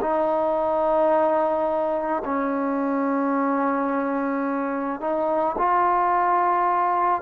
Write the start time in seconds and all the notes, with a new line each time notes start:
0.00 D#4
2.25 C#4
5.00 D#4
5.58 F4